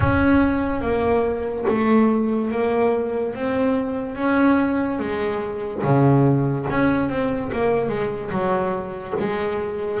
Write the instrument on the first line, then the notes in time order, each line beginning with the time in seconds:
double bass
0.00 C#4
0.81 A#3
1.68 A3
2.51 A#3
3.34 C4
4.15 C#4
4.99 G#3
5.83 C#3
6.70 C#4
7.09 C4
7.52 A#3
7.88 G#3
8.30 F#3
9.19 G#3